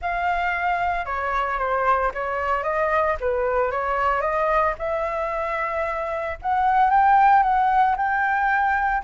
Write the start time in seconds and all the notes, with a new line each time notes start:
0.01 F5
1.05 C#5
1.58 C5
2.14 C#5
2.63 D#5
3.20 B4
3.71 C#5
4.21 D#5
4.78 E5
6.42 F#5
6.90 G5
7.42 F#5
7.96 G5